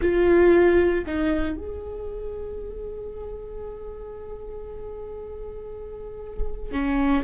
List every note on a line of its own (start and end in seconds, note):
0.01 1.05 F4
1.06 1.56 D#4
1.56 6.71 G#4
6.71 7.23 C#4